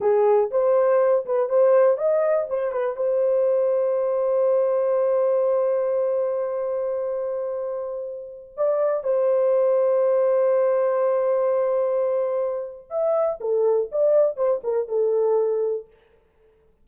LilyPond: \new Staff \with { instrumentName = "horn" } { \time 4/4 \tempo 4 = 121 gis'4 c''4. b'8 c''4 | dis''4 c''8 b'8 c''2~ | c''1~ | c''1~ |
c''4~ c''16 d''4 c''4.~ c''16~ | c''1~ | c''2 e''4 a'4 | d''4 c''8 ais'8 a'2 | }